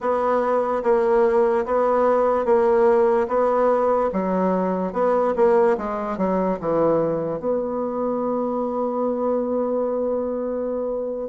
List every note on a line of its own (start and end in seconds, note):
0.00 0.83 B3
0.83 1.65 A#3
1.65 2.45 B3
2.45 3.27 A#3
3.28 4.10 B3
4.12 4.92 F#3
4.92 5.33 B3
5.35 5.76 A#3
5.77 6.17 G#3
6.17 6.58 F#3
6.59 7.39 E3
7.39 11.29 B3